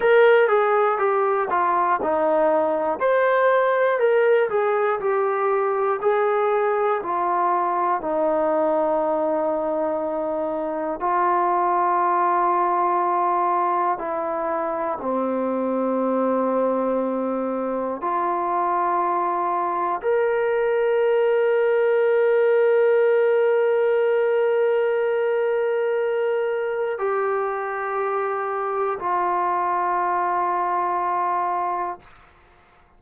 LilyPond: \new Staff \with { instrumentName = "trombone" } { \time 4/4 \tempo 4 = 60 ais'8 gis'8 g'8 f'8 dis'4 c''4 | ais'8 gis'8 g'4 gis'4 f'4 | dis'2. f'4~ | f'2 e'4 c'4~ |
c'2 f'2 | ais'1~ | ais'2. g'4~ | g'4 f'2. | }